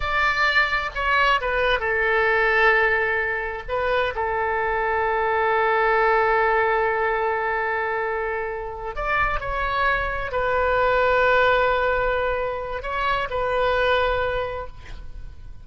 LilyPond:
\new Staff \with { instrumentName = "oboe" } { \time 4/4 \tempo 4 = 131 d''2 cis''4 b'4 | a'1 | b'4 a'2.~ | a'1~ |
a'2.~ a'8 d''8~ | d''8 cis''2 b'4.~ | b'1 | cis''4 b'2. | }